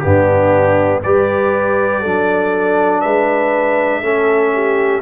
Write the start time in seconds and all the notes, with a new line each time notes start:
0.00 G2 B3 D4 G4
1.03 G3 G4 B4 D5
2.01 F#3 D4 A4
3.01 G#3 B4 E5
4.02 A3 C#4 A4
4.54 G4